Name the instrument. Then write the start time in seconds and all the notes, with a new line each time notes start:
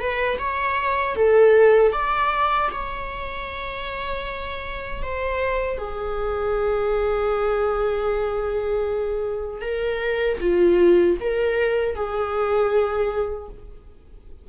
viola
0.00 B4
0.39 C#5
1.16 A4
1.93 D5
2.72 C#5
5.03 C5
5.78 G#4
9.62 A#4
10.41 F4
11.21 A#4
11.95 G#4